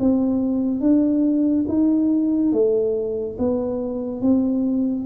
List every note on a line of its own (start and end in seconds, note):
0.00 0.81 C4
0.81 1.65 D4
1.68 2.52 D#4
2.52 3.37 A3
3.38 4.21 B3
4.21 5.06 C4